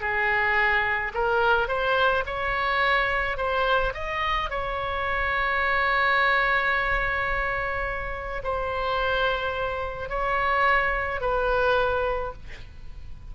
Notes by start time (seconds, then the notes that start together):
0.00 G#4
1.14 A#4
1.67 C5
2.26 C#5
3.37 C5
3.94 D#5
4.49 C#5
8.43 C5
10.09 C#5
11.20 B4